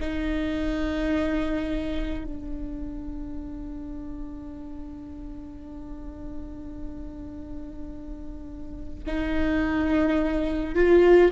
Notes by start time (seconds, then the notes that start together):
0.00 D#4
2.24 D4
9.07 D#4
10.74 F4